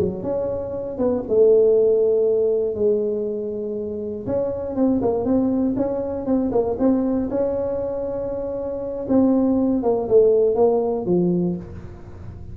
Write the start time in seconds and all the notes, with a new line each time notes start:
0.00 F#3
0.23 C#4
0.99 B3
1.29 A3
2.75 G#3
4.27 C#4
4.76 C4
5.02 A#3
5.25 C4
5.77 C#4
6.27 C4
6.52 A#3
6.79 C4
7.30 C#4
9.09 C4
9.83 A#3
10.09 A3
10.56 A#3
11.06 F3